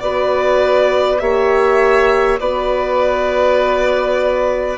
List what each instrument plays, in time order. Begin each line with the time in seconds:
0.00 bassoon B3, horn F#4, oboe B4, violin D5
1.19 bassoon A#3, horn G4, oboe C#5, violin E5
2.40 bassoon B3, horn F#4, oboe B4, violin D5